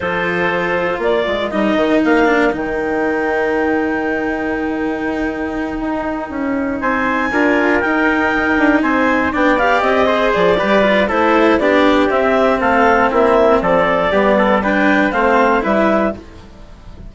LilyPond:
<<
  \new Staff \with { instrumentName = "clarinet" } { \time 4/4 \tempo 4 = 119 c''2 d''4 dis''4 | f''4 g''2.~ | g''1~ | g''4. gis''2 g''8~ |
g''4. gis''4 g''8 f''8 dis''8~ | dis''8 d''4. c''4 d''4 | e''4 f''4 e''4 d''4~ | d''4 g''4 f''4 e''4 | }
  \new Staff \with { instrumentName = "trumpet" } { \time 4/4 a'2 ais'2~ | ais'1~ | ais'1~ | ais'4. c''4 ais'4.~ |
ais'4. c''4 d''4. | c''4 b'4 a'4 g'4~ | g'4 a'4 e'4 a'4 | g'8 a'8 b'4 c''4 b'4 | }
  \new Staff \with { instrumentName = "cello" } { \time 4/4 f'2. dis'4~ | dis'8 d'8 dis'2.~ | dis'1~ | dis'2~ dis'8 f'4 dis'8~ |
dis'2~ dis'8 d'8 g'4 | gis'4 g'8 f'8 e'4 d'4 | c'1 | b4 d'4 c'4 e'4 | }
  \new Staff \with { instrumentName = "bassoon" } { \time 4/4 f2 ais8 gis8 g8 dis8 | ais4 dis2.~ | dis2.~ dis8 dis'8~ | dis'8 cis'4 c'4 d'4 dis'8~ |
dis'4 d'8 c'4 b4 c'8~ | c'8 f8 g4 a4 b4 | c'4 a4 ais4 f4 | g2 a4 g4 | }
>>